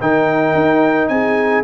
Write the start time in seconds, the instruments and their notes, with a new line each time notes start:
0.00 tuba D#3, trombone D#4, horn A#4, trumpet G5
0.54 tuba D#4
1.08 tuba C4, horn G#4, trumpet G#5